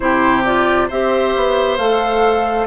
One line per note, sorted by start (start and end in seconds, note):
0.00 0.89 C3
0.00 0.43 E4
0.00 0.88 G4
0.00 0.43 C5
0.45 0.90 F4
0.45 0.89 D5
0.88 1.35 C4
0.88 1.79 G4
0.88 2.66 C5
0.88 1.77 E5
1.36 1.78 B3
1.77 2.66 A3
1.77 2.66 A4
1.77 2.66 F5